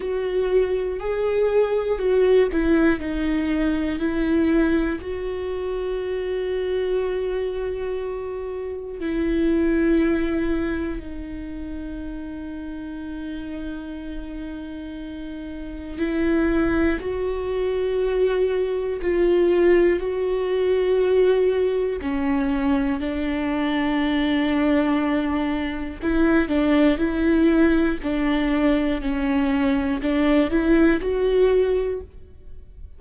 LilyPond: \new Staff \with { instrumentName = "viola" } { \time 4/4 \tempo 4 = 60 fis'4 gis'4 fis'8 e'8 dis'4 | e'4 fis'2.~ | fis'4 e'2 dis'4~ | dis'1 |
e'4 fis'2 f'4 | fis'2 cis'4 d'4~ | d'2 e'8 d'8 e'4 | d'4 cis'4 d'8 e'8 fis'4 | }